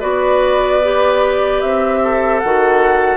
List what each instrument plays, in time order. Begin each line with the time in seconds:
0.00 bassoon B3, clarinet F#4, oboe B4, flute D5
0.83 clarinet G4
1.61 bassoon C4, flute E5
2.04 oboe A4
2.40 bassoon D#3, clarinet F#4, flute F#5